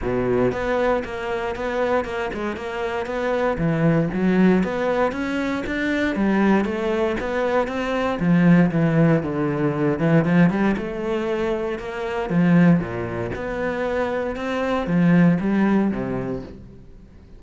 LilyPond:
\new Staff \with { instrumentName = "cello" } { \time 4/4 \tempo 4 = 117 b,4 b4 ais4 b4 | ais8 gis8 ais4 b4 e4 | fis4 b4 cis'4 d'4 | g4 a4 b4 c'4 |
f4 e4 d4. e8 | f8 g8 a2 ais4 | f4 ais,4 b2 | c'4 f4 g4 c4 | }